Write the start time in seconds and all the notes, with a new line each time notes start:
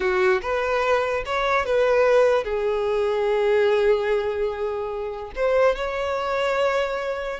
0.00 F#4
0.41 B4
1.25 C#5
1.65 B4
2.44 G#4
5.35 C5
5.75 C#5